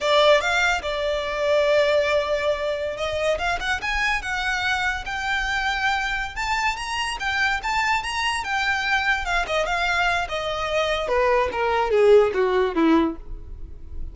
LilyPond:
\new Staff \with { instrumentName = "violin" } { \time 4/4 \tempo 4 = 146 d''4 f''4 d''2~ | d''2.~ d''16 dis''8.~ | dis''16 f''8 fis''8 gis''4 fis''4.~ fis''16~ | fis''16 g''2.~ g''16 a''8~ |
a''8 ais''4 g''4 a''4 ais''8~ | ais''8 g''2 f''8 dis''8 f''8~ | f''4 dis''2 b'4 | ais'4 gis'4 fis'4 e'4 | }